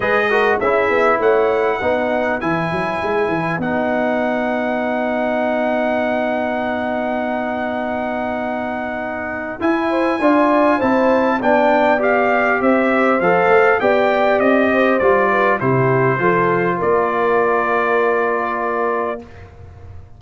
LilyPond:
<<
  \new Staff \with { instrumentName = "trumpet" } { \time 4/4 \tempo 4 = 100 dis''4 e''4 fis''2 | gis''2 fis''2~ | fis''1~ | fis''1 |
gis''2 a''4 g''4 | f''4 e''4 f''4 g''4 | dis''4 d''4 c''2 | d''1 | }
  \new Staff \with { instrumentName = "horn" } { \time 4/4 b'8 ais'8 gis'4 cis''4 b'4~ | b'1~ | b'1~ | b'1~ |
b'8 c''8 d''4 c''4 d''4~ | d''4 c''2 d''4~ | d''8 c''4 b'8 g'4 a'4 | ais'1 | }
  \new Staff \with { instrumentName = "trombone" } { \time 4/4 gis'8 fis'8 e'2 dis'4 | e'2 dis'2~ | dis'1~ | dis'1 |
e'4 f'4 e'4 d'4 | g'2 a'4 g'4~ | g'4 f'4 e'4 f'4~ | f'1 | }
  \new Staff \with { instrumentName = "tuba" } { \time 4/4 gis4 cis'8 b8 a4 b4 | e8 fis8 gis8 e8 b2~ | b1~ | b1 |
e'4 d'4 c'4 b4~ | b4 c'4 f8 a8 b4 | c'4 g4 c4 f4 | ais1 | }
>>